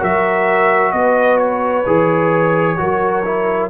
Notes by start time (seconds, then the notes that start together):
0.00 F#3 F#4 A#4 E5
0.92 B3 B4 D#5
1.37 C#5
1.87 E3 G#4
2.77 F#3 F#4 A#4
3.25 E4